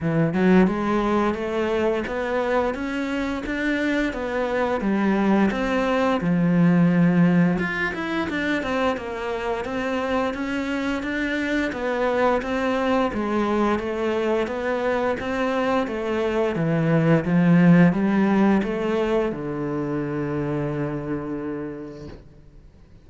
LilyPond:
\new Staff \with { instrumentName = "cello" } { \time 4/4 \tempo 4 = 87 e8 fis8 gis4 a4 b4 | cis'4 d'4 b4 g4 | c'4 f2 f'8 e'8 | d'8 c'8 ais4 c'4 cis'4 |
d'4 b4 c'4 gis4 | a4 b4 c'4 a4 | e4 f4 g4 a4 | d1 | }